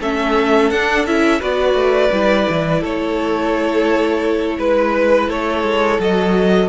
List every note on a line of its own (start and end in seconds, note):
0.00 0.70 A3
0.00 0.72 C#4
0.00 1.40 A4
0.00 0.70 E5
0.70 1.05 D4
0.70 1.06 D4
0.70 1.05 F#5
1.05 1.41 C#4
1.05 1.39 E4
1.05 1.41 E5
1.39 1.73 B3
1.39 2.10 F#4
1.39 2.80 B4
1.39 2.83 D5
1.73 2.09 A3
2.12 2.47 G3
2.12 5.99 E4
2.49 2.83 E3
2.80 4.58 A3
2.80 4.57 A4
2.80 4.60 C#5
4.58 5.28 G#3
4.58 5.28 B4
4.58 5.30 B4
5.28 5.63 A3
5.28 6.68 A4
5.28 6.00 C#5
5.63 5.98 G#3
5.99 6.68 F#3
5.99 6.68 F#4
5.99 6.68 D#5